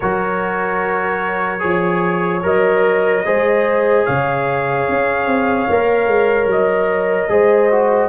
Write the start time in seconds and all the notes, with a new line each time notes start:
0.00 F#3 F#4 A#4 C#5
1.59 F3 G#4 C#5
2.42 F#3 A#4 D#5
3.25 G#3 G#4 C5
4.05 C#3 C#5 F5
4.88 C#4
5.26 C4
5.69 A#3 A#4
6.06 G#3
6.46 F#3 D#5
7.29 G#3 G#4 C5
7.70 F#4